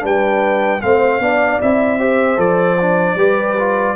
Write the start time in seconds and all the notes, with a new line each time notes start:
0.00 G3 D4 B4 G5
0.81 A3 C4 C5 F5
1.19 B3 D4 D5
1.61 C4 E4 E5
1.99 G4 C5
2.36 F3 A4 D5
2.81 D4
3.15 G3 G4 B4
3.59 F4